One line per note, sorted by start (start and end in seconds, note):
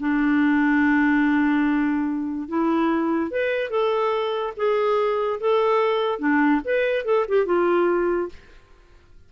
0.00 2.48 D4
2.48 3.31 E4
3.31 3.70 B4
3.70 4.54 A4
4.57 5.40 G#4
5.41 6.19 A4
6.19 6.61 D4
6.65 7.05 B4
7.05 7.26 A4
7.28 7.46 G4
7.46 8.29 F4